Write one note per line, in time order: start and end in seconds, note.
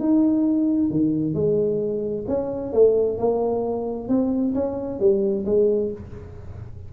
0.00 0.91 D#4
0.91 1.35 D#3
1.35 2.25 G#3
2.28 2.73 C#4
2.73 3.18 A3
3.18 4.09 A#3
4.09 4.54 C4
4.55 5.00 C#4
5.00 5.45 G3
5.46 5.91 G#3